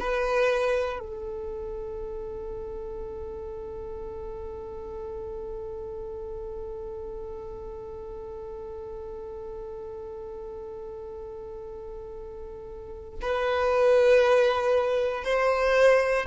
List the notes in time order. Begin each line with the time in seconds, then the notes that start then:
0.00 B4
0.99 A4
13.22 B4
15.24 C5